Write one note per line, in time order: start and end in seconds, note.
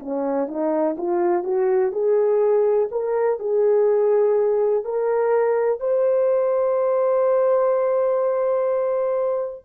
0.00 0.48 C#4
0.48 0.96 D#4
0.98 1.44 F4
1.44 1.92 F#4
1.92 2.89 G#4
2.92 3.39 A#4
3.39 4.84 G#4
4.85 5.80 A#4
5.80 9.66 C5